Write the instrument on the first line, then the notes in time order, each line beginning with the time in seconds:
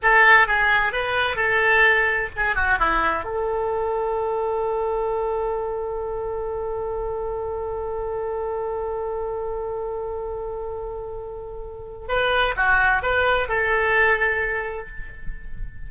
oboe
0.02 A4
0.47 G#4
0.92 B4
1.36 A4
2.36 G#4
2.55 F#4
2.79 E4
3.23 A4
12.08 B4
12.56 F#4
13.02 B4
13.48 A4